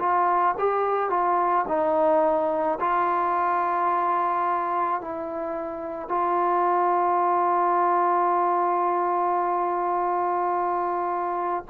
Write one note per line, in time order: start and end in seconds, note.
0.00 0.56 F4
0.59 1.10 G4
1.10 1.66 F4
1.68 2.79 D#4
2.81 5.02 F4
5.02 6.09 E4
6.09 11.65 F4